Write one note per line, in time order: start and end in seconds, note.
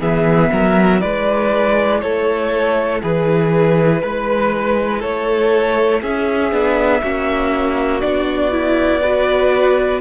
0.00 0.51 E3
0.00 1.01 B3
0.00 0.50 G#4
0.00 1.01 E5
0.52 1.02 F#3
0.52 1.01 A#4
1.01 2.02 G#3
1.01 6.51 E4
1.01 2.01 B4
1.01 2.01 D5
2.01 3.02 A3
2.01 3.02 A4
2.01 3.01 C#5
3.02 4.03 E3
3.02 4.02 G#4
3.02 5.02 B4
4.02 5.03 G#3
4.02 4.99 B4
4.99 6.03 A3
4.99 5.99 A4
4.99 6.02 C#5
6.01 6.52 C#4
6.01 7.01 G#4
6.01 8.01 E5
6.51 7.02 B3
6.51 7.01 D4
7.02 8.03 A#3
7.02 8.01 C#4
7.02 9.02 F#4
8.01 10.01 B3
8.01 8.51 D4
8.01 10.01 D5
8.51 9.01 E4
9.02 10.01 F#4
9.02 10.01 B4